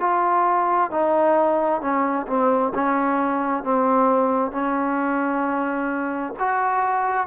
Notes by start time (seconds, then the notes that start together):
0.00 F4
0.91 D#4
1.81 C#4
2.27 C4
2.75 C#4
3.64 C4
4.52 C#4
6.39 F#4